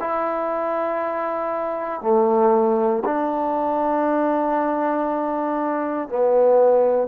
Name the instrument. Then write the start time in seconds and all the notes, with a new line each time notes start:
trombone
0.00 E4
2.02 A3
3.05 D4
6.09 B3